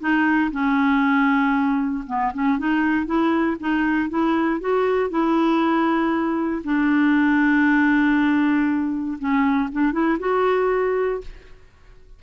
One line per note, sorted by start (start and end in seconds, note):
0.00 0.51 D#4
0.52 2.04 C#4
2.07 2.32 B3
2.34 2.58 C#4
2.58 3.06 D#4
3.06 3.57 E4
3.60 4.09 D#4
4.09 4.60 E4
4.60 5.10 F#4
5.10 6.62 E4
6.64 9.18 D4
9.18 9.69 C#4
9.72 9.92 D4
9.92 10.18 E4
10.19 11.21 F#4